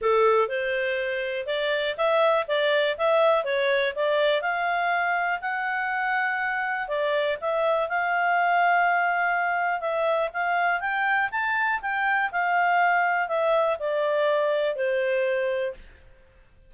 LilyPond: \new Staff \with { instrumentName = "clarinet" } { \time 4/4 \tempo 4 = 122 a'4 c''2 d''4 | e''4 d''4 e''4 cis''4 | d''4 f''2 fis''4~ | fis''2 d''4 e''4 |
f''1 | e''4 f''4 g''4 a''4 | g''4 f''2 e''4 | d''2 c''2 | }